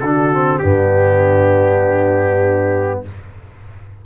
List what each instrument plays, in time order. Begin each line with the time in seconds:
0.00 tuba D3, trombone D4, horn F#4, trumpet A4
0.33 trombone C4
0.59 tuba G2, trombone B3, horn D4, trumpet G4